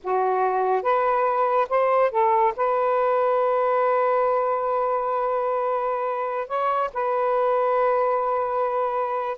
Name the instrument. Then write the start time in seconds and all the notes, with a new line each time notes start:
saxophone
0.03 F#4
0.82 B4
1.69 C5
2.11 A4
2.56 B4
6.47 C#5
6.93 B4